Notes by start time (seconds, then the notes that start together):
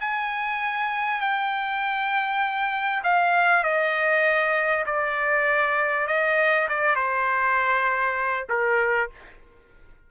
0.00 G#5
1.20 G5
3.03 F5
3.63 D#5
4.86 D5
6.07 D#5
6.69 D5
6.95 C5
8.49 A#4